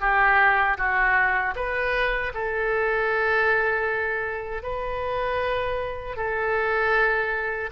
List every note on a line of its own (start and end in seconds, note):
0.00 0.77 G4
0.77 1.54 F#4
1.55 2.32 B4
2.34 4.63 A4
4.63 6.16 B4
6.16 7.70 A4